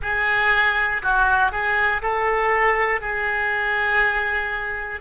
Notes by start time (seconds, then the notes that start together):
0.02 G#4
1.02 F#4
1.51 G#4
2.02 A4
3.00 G#4